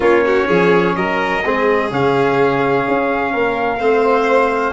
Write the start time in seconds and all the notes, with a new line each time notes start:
0.00 A#3 C#4 F4 C#5
0.25 F#4
0.47 F3 G#4
0.95 F#3 A#4 D#5
1.44 G#3 C4 G#4
1.90 C#3 C#4 F5
2.87 C#4
3.32 A#3 A#4
3.79 A3 C4 C5